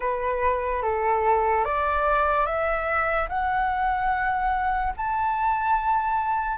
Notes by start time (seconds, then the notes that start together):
0.00 B4
0.82 A4
1.64 D5
2.46 E5
3.29 F#5
4.96 A5